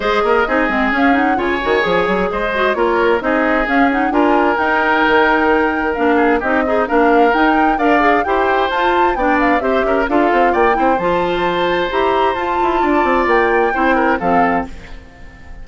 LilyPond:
<<
  \new Staff \with { instrumentName = "flute" } { \time 4/4 \tempo 4 = 131 dis''2 f''8 fis''8 gis''4~ | gis''4 dis''4 cis''4 dis''4 | f''8 fis''8 gis''4 g''2~ | g''4 f''4 dis''4 f''4 |
g''4 f''4 g''4 a''4 | g''8 f''8 e''4 f''4 g''4 | a''2 ais''4 a''4~ | a''4 g''2 f''4 | }
  \new Staff \with { instrumentName = "oboe" } { \time 4/4 c''8 ais'8 gis'2 cis''4~ | cis''4 c''4 ais'4 gis'4~ | gis'4 ais'2.~ | ais'4. gis'8 g'8 dis'8 ais'4~ |
ais'4 d''4 c''2 | d''4 c''8 ais'8 a'4 d''8 c''8~ | c''1 | d''2 c''8 ais'8 a'4 | }
  \new Staff \with { instrumentName = "clarinet" } { \time 4/4 gis'4 dis'8 c'8 cis'8 dis'8 f'8 fis'8 | gis'4. fis'8 f'4 dis'4 | cis'8 dis'8 f'4 dis'2~ | dis'4 d'4 dis'8 gis'8 d'4 |
dis'4 ais'8 gis'8 g'4 f'4 | d'4 g'4 f'4. e'8 | f'2 g'4 f'4~ | f'2 e'4 c'4 | }
  \new Staff \with { instrumentName = "bassoon" } { \time 4/4 gis8 ais8 c'8 gis8 cis'4 cis8 dis8 | f8 fis8 gis4 ais4 c'4 | cis'4 d'4 dis'4 dis4~ | dis4 ais4 c'4 ais4 |
dis'4 d'4 e'4 f'4 | b4 c'8 cis'8 d'8 c'8 ais8 c'8 | f2 e'4 f'8 e'8 | d'8 c'8 ais4 c'4 f4 | }
>>